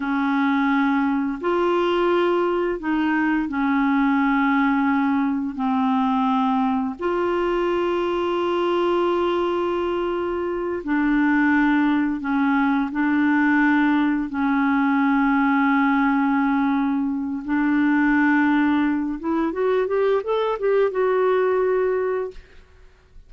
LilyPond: \new Staff \with { instrumentName = "clarinet" } { \time 4/4 \tempo 4 = 86 cis'2 f'2 | dis'4 cis'2. | c'2 f'2~ | f'2.~ f'8 d'8~ |
d'4. cis'4 d'4.~ | d'8 cis'2.~ cis'8~ | cis'4 d'2~ d'8 e'8 | fis'8 g'8 a'8 g'8 fis'2 | }